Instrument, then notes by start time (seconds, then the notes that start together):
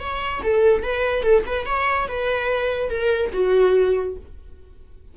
viola
0.00 C#5
0.43 A4
0.83 B4
1.23 A4
1.46 B4
1.66 C#5
2.08 B4
2.90 A#4
3.33 F#4